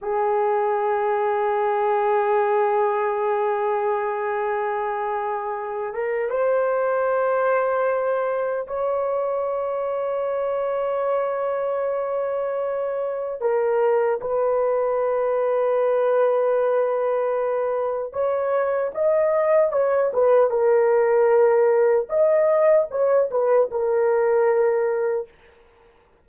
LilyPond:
\new Staff \with { instrumentName = "horn" } { \time 4/4 \tempo 4 = 76 gis'1~ | gis'2.~ gis'8 ais'8 | c''2. cis''4~ | cis''1~ |
cis''4 ais'4 b'2~ | b'2. cis''4 | dis''4 cis''8 b'8 ais'2 | dis''4 cis''8 b'8 ais'2 | }